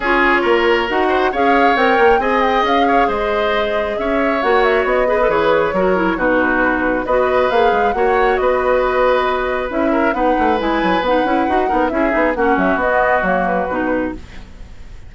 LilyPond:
<<
  \new Staff \with { instrumentName = "flute" } { \time 4/4 \tempo 4 = 136 cis''2 fis''4 f''4 | g''4 gis''8 g''8 f''4 dis''4~ | dis''4 e''4 fis''8 e''8 dis''4 | cis''2 b'2 |
dis''4 f''4 fis''4 dis''4~ | dis''2 e''4 fis''4 | gis''4 fis''2 e''4 | fis''8 e''8 dis''4 cis''8 b'4. | }
  \new Staff \with { instrumentName = "oboe" } { \time 4/4 gis'4 ais'4. c''8 cis''4~ | cis''4 dis''4. cis''8 c''4~ | c''4 cis''2~ cis''8 b'8~ | b'4 ais'4 fis'2 |
b'2 cis''4 b'4~ | b'2~ b'8 ais'8 b'4~ | b'2~ b'8 ais'8 gis'4 | fis'1 | }
  \new Staff \with { instrumentName = "clarinet" } { \time 4/4 f'2 fis'4 gis'4 | ais'4 gis'2.~ | gis'2 fis'4. gis'16 a'16 | gis'4 fis'8 e'8 dis'2 |
fis'4 gis'4 fis'2~ | fis'2 e'4 dis'4 | e'4 dis'8 e'8 fis'8 dis'8 e'8 dis'8 | cis'4 b4 ais4 dis'4 | }
  \new Staff \with { instrumentName = "bassoon" } { \time 4/4 cis'4 ais4 dis'4 cis'4 | c'8 ais8 c'4 cis'4 gis4~ | gis4 cis'4 ais4 b4 | e4 fis4 b,2 |
b4 ais8 gis8 ais4 b4~ | b2 cis'4 b8 a8 | gis8 fis8 b8 cis'8 dis'8 b8 cis'8 b8 | ais8 fis8 b4 fis4 b,4 | }
>>